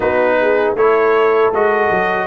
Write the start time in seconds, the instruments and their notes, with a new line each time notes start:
0.00 tuba B3, trombone D#4, horn F#4, trumpet B4
0.41 horn G#4
0.75 tuba A3, trombone E4, horn A4, trumpet C#5
1.51 tuba G#3, trombone F#4, trumpet D#5
1.90 tuba F#3